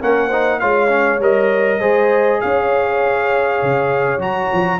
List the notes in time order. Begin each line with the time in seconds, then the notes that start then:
0.00 A#3 C#4 A#4 F#5
0.28 D#4 C5
0.59 G#3 F4 C#5 F5
0.88 C#4
1.19 G3 A#4 D#5
1.80 G#3 G#4 C5
2.40 C#4 C#5 F5
3.62 C#3
4.18 F#3 F#4 A#5
4.52 F3